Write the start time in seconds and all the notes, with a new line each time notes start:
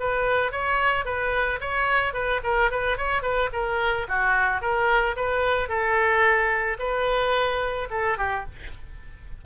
0.00 B4
0.52 C#5
1.05 B4
1.61 C#5
2.13 B4
2.44 A#4
2.71 B4
2.98 C#5
3.22 B4
3.53 A#4
4.08 F#4
4.61 A#4
5.16 B4
5.69 A4
6.79 B4
7.90 A4
8.18 G4